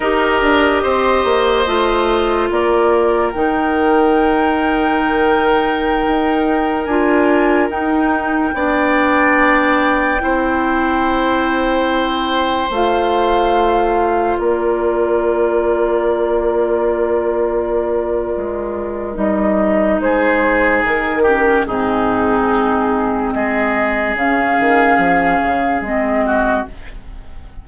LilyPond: <<
  \new Staff \with { instrumentName = "flute" } { \time 4/4 \tempo 4 = 72 dis''2. d''4 | g''1~ | g''16 gis''4 g''2~ g''8.~ | g''2.~ g''16 f''8.~ |
f''4~ f''16 d''2~ d''8.~ | d''2. dis''4 | c''4 ais'4 gis'2 | dis''4 f''2 dis''4 | }
  \new Staff \with { instrumentName = "oboe" } { \time 4/4 ais'4 c''2 ais'4~ | ais'1~ | ais'2~ ais'16 d''4.~ d''16~ | d''16 c''2.~ c''8.~ |
c''4~ c''16 ais'2~ ais'8.~ | ais'1 | gis'4. g'8 dis'2 | gis'2.~ gis'8 fis'8 | }
  \new Staff \with { instrumentName = "clarinet" } { \time 4/4 g'2 f'2 | dis'1~ | dis'16 f'4 dis'4 d'4.~ d'16~ | d'16 e'2. f'8.~ |
f'1~ | f'2. dis'4~ | dis'4. cis'8 c'2~ | c'4 cis'2 c'4 | }
  \new Staff \with { instrumentName = "bassoon" } { \time 4/4 dis'8 d'8 c'8 ais8 a4 ais4 | dis2.~ dis16 dis'8.~ | dis'16 d'4 dis'4 b4.~ b16~ | b16 c'2. a8.~ |
a4~ a16 ais2~ ais8.~ | ais2 gis4 g4 | gis4 dis4 gis,2 | gis4 cis8 dis8 f8 cis8 gis4 | }
>>